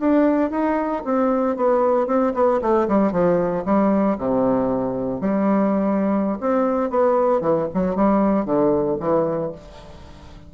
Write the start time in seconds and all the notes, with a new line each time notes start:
0.00 D4
0.51 D#4
1.05 C4
1.57 B3
2.08 C4
2.35 B3
2.62 A3
2.88 G3
3.12 F3
3.65 G3
4.18 C3
5.21 G3
6.41 C4
6.90 B3
7.41 E3
7.74 F#3
7.96 G3
8.46 D3
9.00 E3